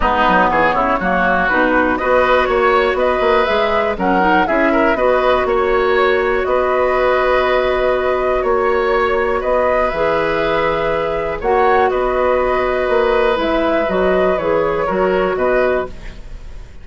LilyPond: <<
  \new Staff \with { instrumentName = "flute" } { \time 4/4 \tempo 4 = 121 b'4 cis''2 b'4 | dis''4 cis''4 dis''4 e''4 | fis''4 e''4 dis''4 cis''4~ | cis''4 dis''2.~ |
dis''4 cis''2 dis''4 | e''2. fis''4 | dis''2. e''4 | dis''4 cis''2 dis''4 | }
  \new Staff \with { instrumentName = "oboe" } { \time 4/4 dis'4 gis'8 e'8 fis'2 | b'4 cis''4 b'2 | ais'4 gis'8 ais'8 b'4 cis''4~ | cis''4 b'2.~ |
b'4 cis''2 b'4~ | b'2. cis''4 | b'1~ | b'2 ais'4 b'4 | }
  \new Staff \with { instrumentName = "clarinet" } { \time 4/4 b2 ais4 dis'4 | fis'2. gis'4 | cis'8 dis'8 e'4 fis'2~ | fis'1~ |
fis'1 | gis'2. fis'4~ | fis'2. e'4 | fis'4 gis'4 fis'2 | }
  \new Staff \with { instrumentName = "bassoon" } { \time 4/4 gis8 fis8 e8 cis8 fis4 b,4 | b4 ais4 b8 ais8 gis4 | fis4 cis'4 b4 ais4~ | ais4 b2.~ |
b4 ais2 b4 | e2. ais4 | b2 ais4 gis4 | fis4 e4 fis4 b,4 | }
>>